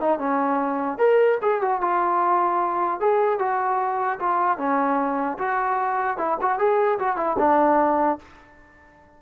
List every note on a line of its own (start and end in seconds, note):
0.00 0.19 D#4
0.19 0.98 C#4
0.98 1.38 A#4
1.42 1.61 G#4
1.61 1.81 F#4
1.81 3.00 F4
3.00 3.39 G#4
3.39 4.19 F#4
4.19 4.58 F4
4.58 5.38 C#4
5.38 6.17 F#4
6.17 6.37 E4
6.41 6.58 F#4
6.58 6.98 G#4
6.99 7.17 F#4
7.17 7.37 E4
7.38 8.18 D4